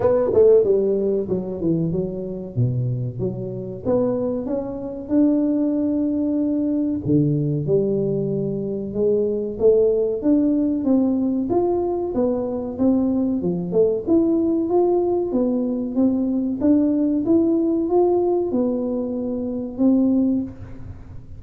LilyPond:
\new Staff \with { instrumentName = "tuba" } { \time 4/4 \tempo 4 = 94 b8 a8 g4 fis8 e8 fis4 | b,4 fis4 b4 cis'4 | d'2. d4 | g2 gis4 a4 |
d'4 c'4 f'4 b4 | c'4 f8 a8 e'4 f'4 | b4 c'4 d'4 e'4 | f'4 b2 c'4 | }